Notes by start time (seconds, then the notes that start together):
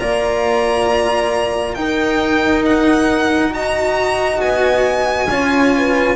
0.00 A#3 F4 D5 A#5
1.75 D#4 A#4 G5
2.66 F#5
3.51 F#4 D#5 A#5
4.41 B3 G#5
5.30 C#4 F4 C#5
5.78 B4